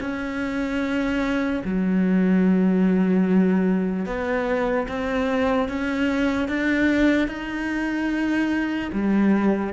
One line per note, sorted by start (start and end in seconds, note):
0.00 1.62 C#4
1.65 4.06 F#3
4.06 4.87 B3
4.88 5.69 C4
5.69 6.49 C#4
6.49 7.28 D4
7.28 8.90 D#4
8.93 9.73 G3